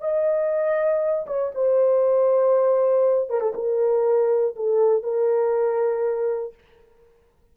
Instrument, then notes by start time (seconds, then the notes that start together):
horn
0.00 D#5
1.27 C#5
1.54 C5
3.30 A#4
3.40 A4
3.55 A#4
4.56 A4
5.03 A#4